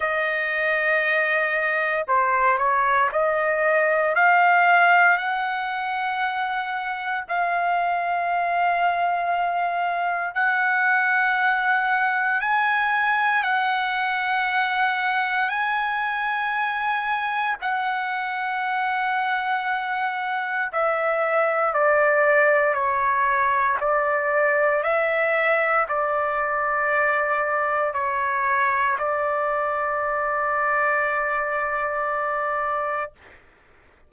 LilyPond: \new Staff \with { instrumentName = "trumpet" } { \time 4/4 \tempo 4 = 58 dis''2 c''8 cis''8 dis''4 | f''4 fis''2 f''4~ | f''2 fis''2 | gis''4 fis''2 gis''4~ |
gis''4 fis''2. | e''4 d''4 cis''4 d''4 | e''4 d''2 cis''4 | d''1 | }